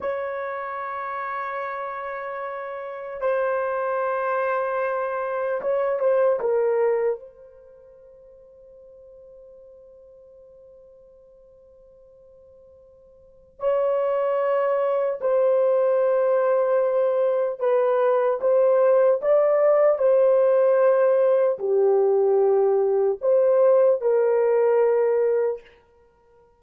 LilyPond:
\new Staff \with { instrumentName = "horn" } { \time 4/4 \tempo 4 = 75 cis''1 | c''2. cis''8 c''8 | ais'4 c''2.~ | c''1~ |
c''4 cis''2 c''4~ | c''2 b'4 c''4 | d''4 c''2 g'4~ | g'4 c''4 ais'2 | }